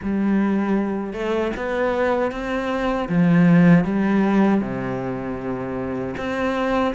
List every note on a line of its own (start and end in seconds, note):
0.02 1.13 G3
1.13 1.51 A3
1.56 2.31 B3
2.31 3.08 C4
3.08 3.84 F3
3.84 4.61 G3
4.61 6.15 C3
6.17 6.94 C4